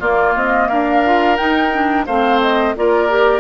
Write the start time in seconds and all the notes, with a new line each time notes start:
0.00 A#3 F4 D5
0.35 C4 D#5
0.69 D4 A#4 F5
1.05 F4
1.37 D#4 G5
1.73 D4
2.06 A3 C4 C5 F5
2.41 D#5
2.76 A#3 F4 A#4 D5
3.09 G4